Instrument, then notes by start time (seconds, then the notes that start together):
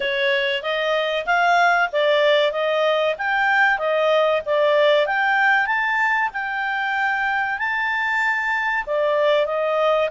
clarinet
0.00 C#5
0.62 D#5
1.25 F5
1.92 D5
2.52 D#5
3.18 G5
3.78 D#5
4.45 D5
5.06 G5
5.66 A5
6.33 G5
7.58 A5
8.86 D5
9.46 D#5